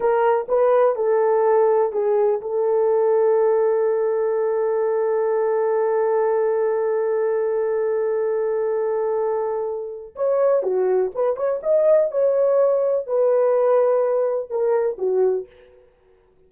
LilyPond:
\new Staff \with { instrumentName = "horn" } { \time 4/4 \tempo 4 = 124 ais'4 b'4 a'2 | gis'4 a'2.~ | a'1~ | a'1~ |
a'1~ | a'4 cis''4 fis'4 b'8 cis''8 | dis''4 cis''2 b'4~ | b'2 ais'4 fis'4 | }